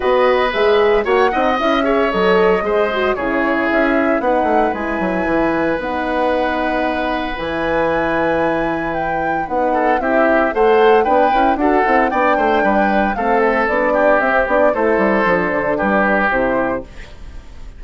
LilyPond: <<
  \new Staff \with { instrumentName = "flute" } { \time 4/4 \tempo 4 = 114 dis''4 e''4 fis''4 e''4 | dis''2 cis''4 e''4 | fis''4 gis''2 fis''4~ | fis''2 gis''2~ |
gis''4 g''4 fis''4 e''4 | fis''4 g''4 fis''4 g''4~ | g''4 f''8 e''8 d''4 e''8 d''8 | c''2 b'4 c''4 | }
  \new Staff \with { instrumentName = "oboe" } { \time 4/4 b'2 cis''8 dis''4 cis''8~ | cis''4 c''4 gis'2 | b'1~ | b'1~ |
b'2~ b'8 a'8 g'4 | c''4 b'4 a'4 d''8 c''8 | b'4 a'4. g'4. | a'2 g'2 | }
  \new Staff \with { instrumentName = "horn" } { \time 4/4 fis'4 gis'4 fis'8 dis'8 e'8 gis'8 | a'4 gis'8 fis'8 e'2 | dis'4 e'2 dis'4~ | dis'2 e'2~ |
e'2 dis'4 e'4 | a'4 d'8 e'8 fis'8 e'8 d'4~ | d'4 c'4 d'4 c'8 d'8 | e'4 d'2 e'4 | }
  \new Staff \with { instrumentName = "bassoon" } { \time 4/4 b4 gis4 ais8 c'8 cis'4 | fis4 gis4 cis4 cis'4 | b8 a8 gis8 fis8 e4 b4~ | b2 e2~ |
e2 b4 c'4 | a4 b8 cis'8 d'8 c'8 b8 a8 | g4 a4 b4 c'8 b8 | a8 g8 f8 d8 g4 c4 | }
>>